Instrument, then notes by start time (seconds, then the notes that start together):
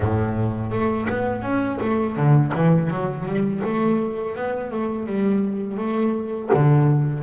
double bass
0.00 A2
0.71 A3
1.09 B3
1.42 C#4
1.80 A3
2.16 D3
2.54 E3
2.90 F#3
3.26 G3
3.63 A3
4.35 B3
4.71 A3
5.06 G3
5.77 A3
6.53 D3